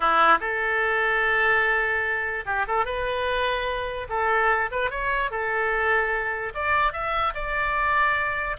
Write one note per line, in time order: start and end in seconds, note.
0.00 0.38 E4
0.40 2.44 A4
2.45 2.65 G4
2.67 2.85 A4
2.85 4.07 B4
4.09 4.70 A4
4.71 4.90 B4
4.90 5.30 C#5
5.30 6.53 A4
6.54 6.92 D5
6.92 7.33 E5
7.34 8.56 D5